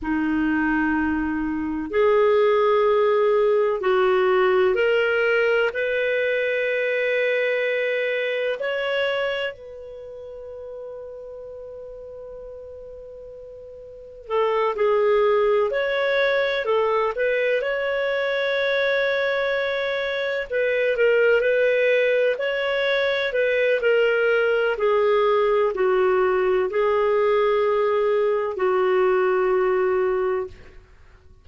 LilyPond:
\new Staff \with { instrumentName = "clarinet" } { \time 4/4 \tempo 4 = 63 dis'2 gis'2 | fis'4 ais'4 b'2~ | b'4 cis''4 b'2~ | b'2. a'8 gis'8~ |
gis'8 cis''4 a'8 b'8 cis''4.~ | cis''4. b'8 ais'8 b'4 cis''8~ | cis''8 b'8 ais'4 gis'4 fis'4 | gis'2 fis'2 | }